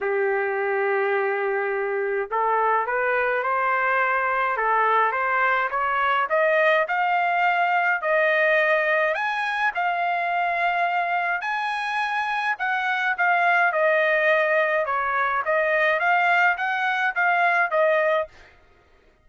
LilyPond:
\new Staff \with { instrumentName = "trumpet" } { \time 4/4 \tempo 4 = 105 g'1 | a'4 b'4 c''2 | a'4 c''4 cis''4 dis''4 | f''2 dis''2 |
gis''4 f''2. | gis''2 fis''4 f''4 | dis''2 cis''4 dis''4 | f''4 fis''4 f''4 dis''4 | }